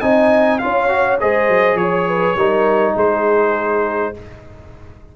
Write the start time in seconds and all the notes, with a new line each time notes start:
0.00 C4 D#4 D#5 G#5
0.59 C#4 F4 C#5 F5
0.89 F#4
1.20 G#3 G#4 C5 D#5
1.49 F#3
1.75 F3 C#5
2.08 B4
2.36 G3 D#4 A#4
2.94 G#3 G#4 C5